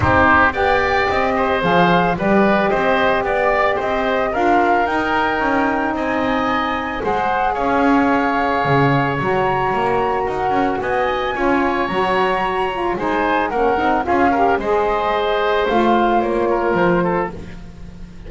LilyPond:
<<
  \new Staff \with { instrumentName = "flute" } { \time 4/4 \tempo 4 = 111 c''4 g''4 dis''4 f''4 | d''4 dis''4 d''4 dis''4 | f''4 g''2 gis''4~ | gis''4 fis''4 f''2~ |
f''4 ais''2 fis''4 | gis''2 ais''2 | gis''4 fis''4 f''4 dis''4~ | dis''4 f''4 cis''4 c''4 | }
  \new Staff \with { instrumentName = "oboe" } { \time 4/4 g'4 d''4. c''4. | b'4 c''4 d''4 c''4 | ais'2. dis''4~ | dis''4 c''4 cis''2~ |
cis''2. ais'4 | dis''4 cis''2. | c''4 ais'4 gis'8 ais'8 c''4~ | c''2~ c''8 ais'4 a'8 | }
  \new Staff \with { instrumentName = "saxophone" } { \time 4/4 dis'4 g'2 gis'4 | g'1 | f'4 dis'2.~ | dis'4 gis'2.~ |
gis'4 fis'2.~ | fis'4 f'4 fis'4. f'8 | dis'4 cis'8 dis'8 f'8 g'8 gis'4~ | gis'4 f'2. | }
  \new Staff \with { instrumentName = "double bass" } { \time 4/4 c'4 b4 c'4 f4 | g4 c'4 b4 c'4 | d'4 dis'4 cis'4 c'4~ | c'4 gis4 cis'2 |
cis4 fis4 ais4 dis'8 cis'8 | b4 cis'4 fis2 | gis4 ais8 c'8 cis'4 gis4~ | gis4 a4 ais4 f4 | }
>>